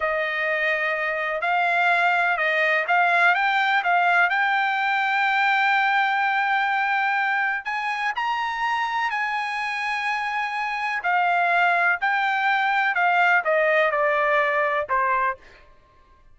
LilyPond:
\new Staff \with { instrumentName = "trumpet" } { \time 4/4 \tempo 4 = 125 dis''2. f''4~ | f''4 dis''4 f''4 g''4 | f''4 g''2.~ | g''1 |
gis''4 ais''2 gis''4~ | gis''2. f''4~ | f''4 g''2 f''4 | dis''4 d''2 c''4 | }